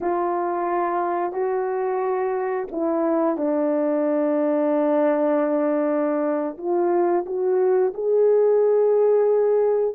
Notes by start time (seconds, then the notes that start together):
0.00 F4
1.32 F#4
2.71 E4
3.37 D4
6.57 F4
7.25 F#4
7.94 G#4